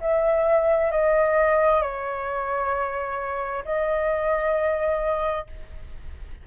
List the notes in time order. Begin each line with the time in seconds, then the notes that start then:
0.00 E5
0.90 D#5
1.81 C#5
3.64 D#5